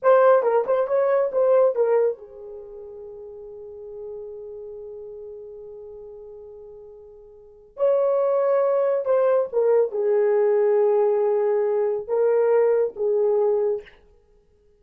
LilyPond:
\new Staff \with { instrumentName = "horn" } { \time 4/4 \tempo 4 = 139 c''4 ais'8 c''8 cis''4 c''4 | ais'4 gis'2.~ | gis'1~ | gis'1~ |
gis'2 cis''2~ | cis''4 c''4 ais'4 gis'4~ | gis'1 | ais'2 gis'2 | }